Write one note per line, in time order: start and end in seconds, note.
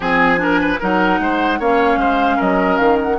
0.00 0.78 F3
0.00 0.37 C4
0.00 0.39 G#4
0.00 0.80 G#5
0.37 0.77 D4
0.37 0.60 A#4
0.60 0.79 B4
0.79 1.19 F#3
0.79 1.60 D#4
0.79 1.19 A#4
0.79 1.61 F#5
1.19 1.59 G#3
1.19 1.59 C5
1.59 1.97 A#3
1.59 3.18 C#4
1.59 1.99 C#5
1.59 2.41 F5
1.97 2.37 G#3
1.97 2.36 C5
2.36 2.78 F#3
2.36 3.16 A#4
2.36 2.76 D#5
2.76 3.18 D#3
2.76 2.96 F5
3.02 3.18 F#5